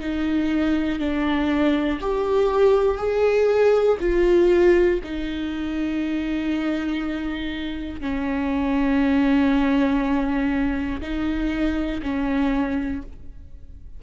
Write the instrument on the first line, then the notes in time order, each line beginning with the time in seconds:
viola
0.00 D#4
1.00 D4
2.01 G4
2.98 G#4
4.00 F4
5.04 D#4
8.01 C#4
11.01 D#4
12.02 C#4